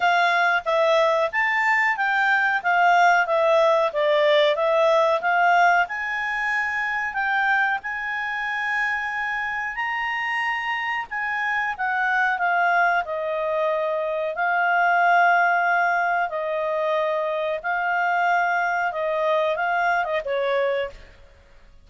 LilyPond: \new Staff \with { instrumentName = "clarinet" } { \time 4/4 \tempo 4 = 92 f''4 e''4 a''4 g''4 | f''4 e''4 d''4 e''4 | f''4 gis''2 g''4 | gis''2. ais''4~ |
ais''4 gis''4 fis''4 f''4 | dis''2 f''2~ | f''4 dis''2 f''4~ | f''4 dis''4 f''8. dis''16 cis''4 | }